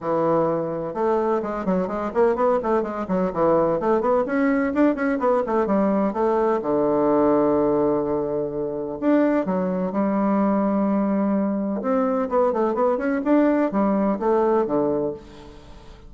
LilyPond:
\new Staff \with { instrumentName = "bassoon" } { \time 4/4 \tempo 4 = 127 e2 a4 gis8 fis8 | gis8 ais8 b8 a8 gis8 fis8 e4 | a8 b8 cis'4 d'8 cis'8 b8 a8 | g4 a4 d2~ |
d2. d'4 | fis4 g2.~ | g4 c'4 b8 a8 b8 cis'8 | d'4 g4 a4 d4 | }